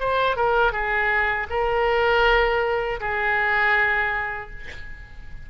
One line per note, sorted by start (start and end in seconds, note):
0.00 0.36 C5
0.36 0.72 A#4
0.72 1.47 G#4
1.50 3.00 A#4
3.01 4.51 G#4